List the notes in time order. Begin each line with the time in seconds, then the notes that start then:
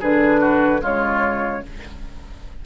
0.00 D3 D4 G#4 B4
0.40 F#4
0.81 C#3 G#3 F4 C#5